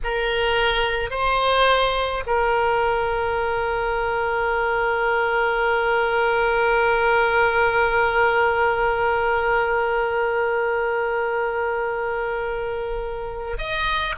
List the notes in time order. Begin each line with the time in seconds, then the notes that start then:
0.03 A#4
1.10 C5
2.26 A#4
13.58 D#5